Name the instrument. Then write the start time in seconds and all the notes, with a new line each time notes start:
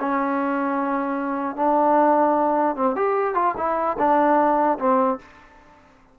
trombone
0.00 C#4
1.56 D4
2.76 C4
2.96 G4
3.35 F4
3.57 E4
3.99 D4
4.79 C4